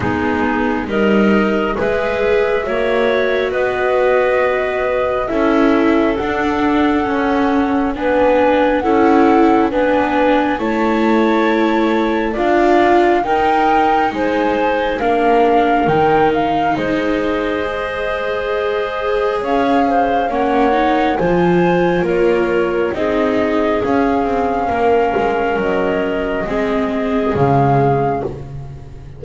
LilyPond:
<<
  \new Staff \with { instrumentName = "flute" } { \time 4/4 \tempo 4 = 68 gis'4 dis''4 e''2 | dis''2 e''4 fis''4~ | fis''4 gis''4 fis''4 gis''4 | a''2 f''4 g''4 |
gis''4 f''4 g''8 f''8 dis''4~ | dis''2 f''4 fis''4 | gis''4 cis''4 dis''4 f''4~ | f''4 dis''2 f''4 | }
  \new Staff \with { instrumentName = "clarinet" } { \time 4/4 dis'4 ais'4 b'4 cis''4 | b'2 a'2~ | a'4 b'4 a'4 b'4 | cis''2 d''4 ais'4 |
c''4 ais'2 c''4~ | c''2 cis''8 c''8 cis''4 | c''4 ais'4 gis'2 | ais'2 gis'2 | }
  \new Staff \with { instrumentName = "viola" } { \time 4/4 b4 dis'4 gis'4 fis'4~ | fis'2 e'4 d'4 | cis'4 d'4 e'4 d'4 | e'2 f'4 dis'4~ |
dis'4 d'4 dis'2 | gis'2. cis'8 dis'8 | f'2 dis'4 cis'4~ | cis'2 c'4 gis4 | }
  \new Staff \with { instrumentName = "double bass" } { \time 4/4 gis4 g4 gis4 ais4 | b2 cis'4 d'4 | cis'4 b4 cis'4 b4 | a2 d'4 dis'4 |
gis4 ais4 dis4 gis4~ | gis2 cis'4 ais4 | f4 ais4 c'4 cis'8 c'8 | ais8 gis8 fis4 gis4 cis4 | }
>>